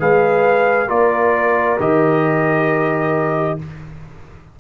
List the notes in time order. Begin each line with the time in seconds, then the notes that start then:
0.00 G#3 G#4 B4 F5
0.88 A#3 F4 A#4 D5
1.80 D#3 G4 D#5